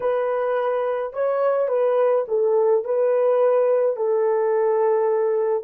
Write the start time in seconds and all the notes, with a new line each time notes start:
0.00 B4
1.13 C#5
1.68 B4
2.28 A4
2.84 B4
3.96 A4